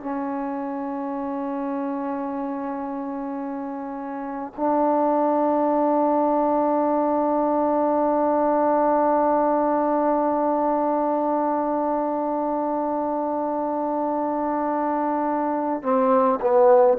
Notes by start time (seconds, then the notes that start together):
0.00 C#4
4.56 D4
15.82 C4
16.41 B3